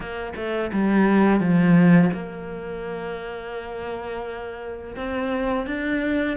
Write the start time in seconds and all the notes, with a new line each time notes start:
0.00 A#3
0.36 A3
0.73 G3
1.39 F3
2.13 A#3
4.96 C4
5.66 D4